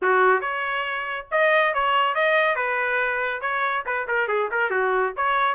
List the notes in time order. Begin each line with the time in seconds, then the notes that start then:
0.02 F#4
0.41 C#5
1.31 D#5
1.74 C#5
2.14 D#5
2.55 B4
3.41 C#5
3.86 B4
4.07 A#4
4.28 G#4
4.51 A#4
4.70 F#4
5.16 C#5